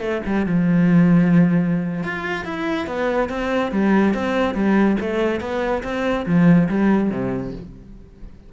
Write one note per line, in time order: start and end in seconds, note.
0.00 0.21 A3
0.26 0.46 G3
0.46 2.03 F3
2.03 2.44 F4
2.44 2.86 E4
2.86 3.29 B3
3.29 3.71 C4
3.71 4.14 G3
4.14 4.54 C4
4.54 4.96 G3
5.00 5.40 A3
5.40 5.82 B3
5.83 6.25 C4
6.26 6.68 F3
6.69 7.10 G3
7.10 7.52 C3